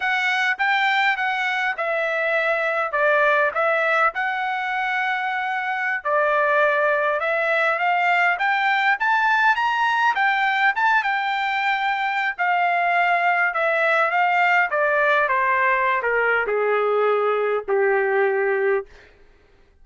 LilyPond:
\new Staff \with { instrumentName = "trumpet" } { \time 4/4 \tempo 4 = 102 fis''4 g''4 fis''4 e''4~ | e''4 d''4 e''4 fis''4~ | fis''2~ fis''16 d''4.~ d''16~ | d''16 e''4 f''4 g''4 a''8.~ |
a''16 ais''4 g''4 a''8 g''4~ g''16~ | g''4 f''2 e''4 | f''4 d''4 c''4~ c''16 ais'8. | gis'2 g'2 | }